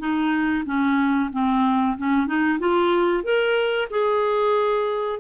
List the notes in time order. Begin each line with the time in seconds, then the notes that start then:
0.00 D#4
0.66 C#4
1.33 C4
1.98 C#4
2.27 D#4
2.60 F4
3.24 A#4
3.91 G#4